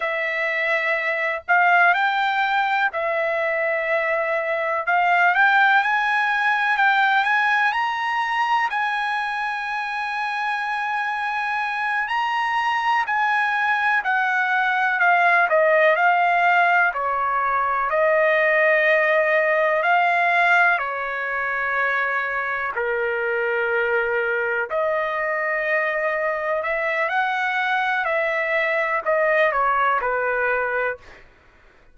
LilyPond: \new Staff \with { instrumentName = "trumpet" } { \time 4/4 \tempo 4 = 62 e''4. f''8 g''4 e''4~ | e''4 f''8 g''8 gis''4 g''8 gis''8 | ais''4 gis''2.~ | gis''8 ais''4 gis''4 fis''4 f''8 |
dis''8 f''4 cis''4 dis''4.~ | dis''8 f''4 cis''2 ais'8~ | ais'4. dis''2 e''8 | fis''4 e''4 dis''8 cis''8 b'4 | }